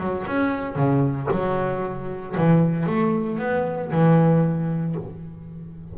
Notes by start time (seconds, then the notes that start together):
0.00 F#3
0.27 C#4
0.76 C#3
1.32 F#3
2.37 E3
2.87 A3
3.39 B3
3.92 E3